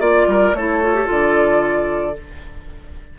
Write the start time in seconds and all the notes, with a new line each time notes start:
0.00 A#3 F4 D5
0.27 G3 A#4
0.53 A3 E4 A4 C#5
0.83 F4
0.95 G4
1.06 D3 F4 D5